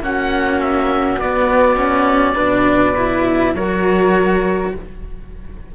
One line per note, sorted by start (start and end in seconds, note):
0.00 1.16 A#3
0.00 1.20 C#4
0.00 2.35 F#4
0.00 0.61 F#5
0.61 1.20 E5
1.16 2.34 B3
1.16 1.77 B3
1.16 3.55 D5
1.77 2.36 C#4
2.35 3.54 B2
2.35 2.95 D4
2.35 3.52 B4
2.97 3.56 E4
3.54 4.72 F#3
3.54 4.75 F#4
3.54 4.74 A#4
3.54 4.73 C#5